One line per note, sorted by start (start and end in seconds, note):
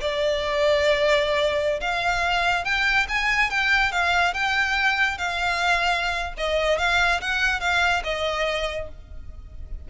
0.00 1.80 D5
1.80 2.64 F5
2.64 3.06 G5
3.08 3.50 G#5
3.50 3.91 G5
3.91 4.33 F5
4.33 5.17 G5
5.17 6.34 F5
6.37 6.78 D#5
6.78 7.20 F5
7.21 7.60 F#5
7.60 8.02 F5
8.04 8.88 D#5